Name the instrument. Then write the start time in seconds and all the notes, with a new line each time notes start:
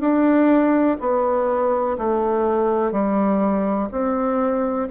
bassoon
0.00 D4
1.00 B3
1.98 A3
2.92 G3
3.91 C4